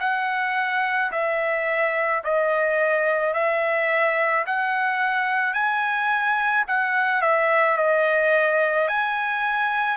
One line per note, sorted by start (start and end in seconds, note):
0.00 1.11 F#5
1.12 2.23 E5
2.24 3.34 D#5
3.34 4.45 E5
4.46 5.54 F#5
5.54 6.65 G#5
6.68 7.22 F#5
7.22 7.77 E5
7.77 8.88 D#5
8.88 9.97 G#5